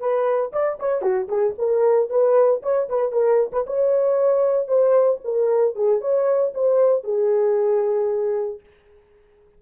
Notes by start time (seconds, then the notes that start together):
0.00 B4
0.53 D5
0.80 C#5
1.02 F#4
1.29 G#4
1.58 A#4
2.10 B4
2.63 C#5
2.90 B4
3.12 A#4
3.53 B4
3.67 C#5
4.68 C5
5.25 A#4
5.76 G#4
6.02 C#5
6.55 C5
7.04 G#4